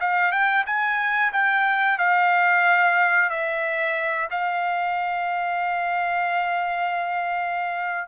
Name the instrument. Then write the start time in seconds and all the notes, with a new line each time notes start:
trumpet
0.00 F5
0.31 G5
0.66 G#5
1.32 G5
1.98 F5
3.30 E5
4.30 F5